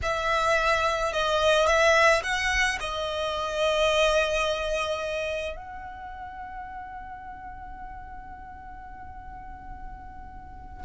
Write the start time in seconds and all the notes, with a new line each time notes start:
0.02 E5
1.12 D#5
1.66 E5
2.23 F#5
2.80 D#5
5.56 F#5